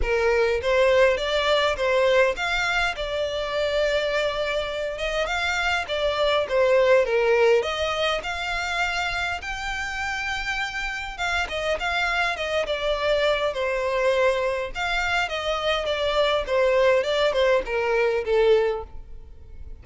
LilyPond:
\new Staff \with { instrumentName = "violin" } { \time 4/4 \tempo 4 = 102 ais'4 c''4 d''4 c''4 | f''4 d''2.~ | d''8 dis''8 f''4 d''4 c''4 | ais'4 dis''4 f''2 |
g''2. f''8 dis''8 | f''4 dis''8 d''4. c''4~ | c''4 f''4 dis''4 d''4 | c''4 d''8 c''8 ais'4 a'4 | }